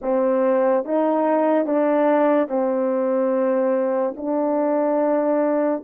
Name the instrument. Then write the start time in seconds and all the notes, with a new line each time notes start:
horn
0.01 C4
0.84 D#4
1.66 D4
2.48 C4
4.17 D4